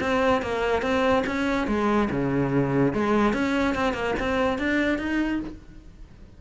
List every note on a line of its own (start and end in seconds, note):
0.00 0.42 C4
0.42 0.82 A#3
0.82 1.23 C4
1.26 1.67 C#4
1.67 2.09 G#3
2.10 2.93 C#3
2.93 3.33 G#3
3.33 3.74 C#4
3.74 3.93 C4
3.93 4.14 A#3
4.19 4.58 C4
4.58 4.98 D4
4.98 5.39 D#4